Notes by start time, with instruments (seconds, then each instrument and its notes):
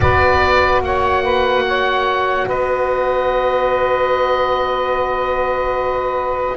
0.00 double bass B3, horn F#4, saxophone B4, oboe D5
0.80 double bass A#3, saxophone C#5, oboe F#5
1.23 saxophone B4
1.67 saxophone C#5
2.46 double bass B3, saxophone B4, oboe D#5